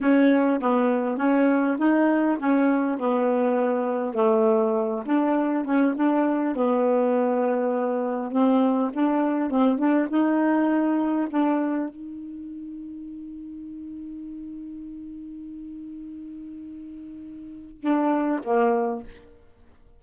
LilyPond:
\new Staff \with { instrumentName = "saxophone" } { \time 4/4 \tempo 4 = 101 cis'4 b4 cis'4 dis'4 | cis'4 b2 a4~ | a8 d'4 cis'8 d'4 b4~ | b2 c'4 d'4 |
c'8 d'8 dis'2 d'4 | dis'1~ | dis'1~ | dis'2 d'4 ais4 | }